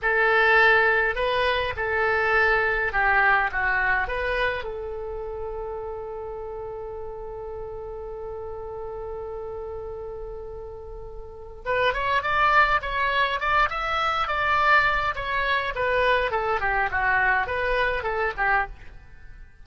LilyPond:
\new Staff \with { instrumentName = "oboe" } { \time 4/4 \tempo 4 = 103 a'2 b'4 a'4~ | a'4 g'4 fis'4 b'4 | a'1~ | a'1~ |
a'1 | b'8 cis''8 d''4 cis''4 d''8 e''8~ | e''8 d''4. cis''4 b'4 | a'8 g'8 fis'4 b'4 a'8 g'8 | }